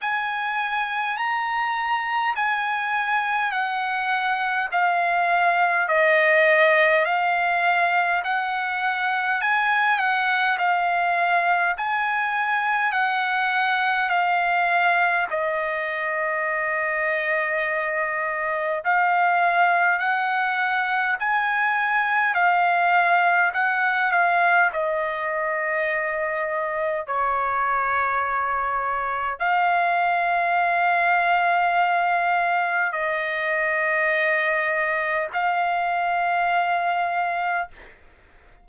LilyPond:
\new Staff \with { instrumentName = "trumpet" } { \time 4/4 \tempo 4 = 51 gis''4 ais''4 gis''4 fis''4 | f''4 dis''4 f''4 fis''4 | gis''8 fis''8 f''4 gis''4 fis''4 | f''4 dis''2. |
f''4 fis''4 gis''4 f''4 | fis''8 f''8 dis''2 cis''4~ | cis''4 f''2. | dis''2 f''2 | }